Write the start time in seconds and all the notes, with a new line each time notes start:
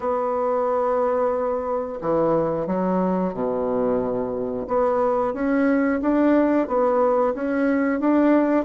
0.00 B3
2.01 E3
2.67 F#3
3.33 B2
4.67 B3
5.33 C#4
6.01 D4
6.67 B3
7.34 C#4
8.00 D4